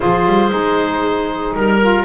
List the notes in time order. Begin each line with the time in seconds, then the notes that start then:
0.00 F3 F4 G#4 C5
0.25 G3
0.50 G#3 D#4
1.55 G3 A#4
1.80 F4